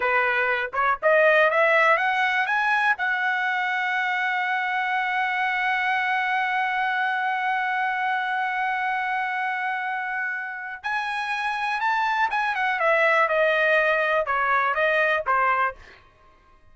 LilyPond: \new Staff \with { instrumentName = "trumpet" } { \time 4/4 \tempo 4 = 122 b'4. cis''8 dis''4 e''4 | fis''4 gis''4 fis''2~ | fis''1~ | fis''1~ |
fis''1~ | fis''2 gis''2 | a''4 gis''8 fis''8 e''4 dis''4~ | dis''4 cis''4 dis''4 c''4 | }